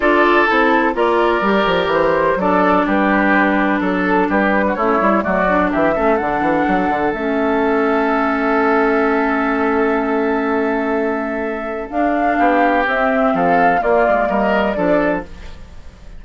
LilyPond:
<<
  \new Staff \with { instrumentName = "flute" } { \time 4/4 \tempo 4 = 126 d''4 a'4 d''2 | c''4 d''4 b'2 | a'4 b'4 cis''4 d''4 | e''4 fis''2 e''4~ |
e''1~ | e''1~ | e''4 f''2 e''4 | f''4 d''4 dis''4 d''4 | }
  \new Staff \with { instrumentName = "oboe" } { \time 4/4 a'2 ais'2~ | ais'4 a'4 g'2 | a'4 g'8. fis'16 e'4 fis'4 | g'8 a'2.~ a'8~ |
a'1~ | a'1~ | a'2 g'2 | a'4 f'4 ais'4 a'4 | }
  \new Staff \with { instrumentName = "clarinet" } { \time 4/4 f'4 e'4 f'4 g'4~ | g'4 d'2.~ | d'2 cis'8 e'8 a8 d'8~ | d'8 cis'8 d'2 cis'4~ |
cis'1~ | cis'1~ | cis'4 d'2 c'4~ | c'4 ais2 d'4 | }
  \new Staff \with { instrumentName = "bassoon" } { \time 4/4 d'4 c'4 ais4 g8 f8 | e4 fis4 g2 | fis4 g4 a8 g8 fis4 | e8 a8 d8 e8 fis8 d8 a4~ |
a1~ | a1~ | a4 d'4 b4 c'4 | f4 ais8 gis8 g4 f4 | }
>>